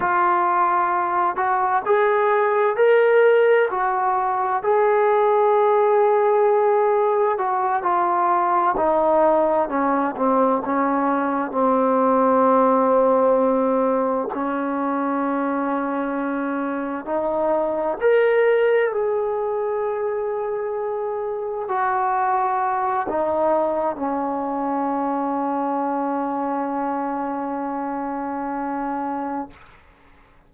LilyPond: \new Staff \with { instrumentName = "trombone" } { \time 4/4 \tempo 4 = 65 f'4. fis'8 gis'4 ais'4 | fis'4 gis'2. | fis'8 f'4 dis'4 cis'8 c'8 cis'8~ | cis'8 c'2. cis'8~ |
cis'2~ cis'8 dis'4 ais'8~ | ais'8 gis'2. fis'8~ | fis'4 dis'4 cis'2~ | cis'1 | }